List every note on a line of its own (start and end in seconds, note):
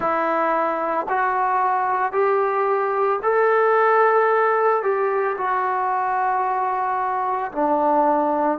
0.00 1.07 E4
1.08 2.12 F#4
2.12 3.19 G4
3.22 4.82 A4
4.82 5.36 G4
5.37 7.51 F#4
7.52 8.58 D4